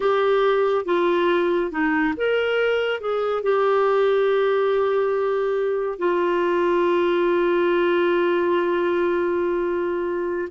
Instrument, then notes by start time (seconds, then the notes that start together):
clarinet
0.00 G4
0.85 F4
1.71 D#4
2.17 A#4
3.00 G#4
3.42 G4
5.98 F4